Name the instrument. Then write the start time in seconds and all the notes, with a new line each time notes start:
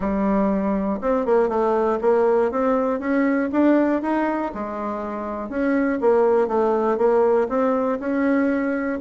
bassoon
0.00 G3
1.01 C4
1.25 A#3
1.49 A3
2.01 A#3
2.51 C4
2.99 C#4
3.52 D4
4.02 D#4
4.54 G#3
5.49 C#4
6.00 A#3
6.47 A3
6.97 A#3
7.48 C4
7.99 C#4